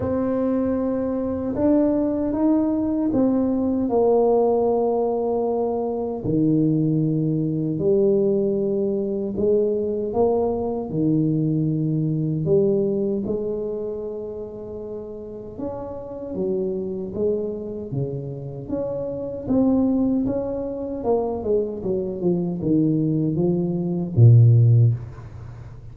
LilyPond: \new Staff \with { instrumentName = "tuba" } { \time 4/4 \tempo 4 = 77 c'2 d'4 dis'4 | c'4 ais2. | dis2 g2 | gis4 ais4 dis2 |
g4 gis2. | cis'4 fis4 gis4 cis4 | cis'4 c'4 cis'4 ais8 gis8 | fis8 f8 dis4 f4 ais,4 | }